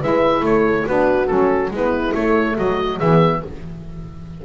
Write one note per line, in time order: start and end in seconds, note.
0.00 0.40 G#3
0.00 0.85 E4
0.00 0.43 B4
0.00 0.45 E5
0.40 0.83 A3
0.40 0.86 A4
0.40 0.87 C#5
0.86 1.30 B3
0.86 1.27 D4
0.86 1.72 F#4
0.86 1.26 B4
1.26 1.70 F#3
1.26 1.70 C#4
1.26 1.69 A4
1.70 2.13 G#3
1.70 2.13 B3
1.70 2.56 E4
1.70 2.14 B4
2.13 2.98 A3
2.13 2.56 A3
2.13 2.57 C#5
2.56 3.00 F#3
2.56 2.97 F#4
2.56 2.99 D#5
2.97 3.43 E3
2.97 3.45 B3
2.97 3.39 G#4
2.97 3.41 E5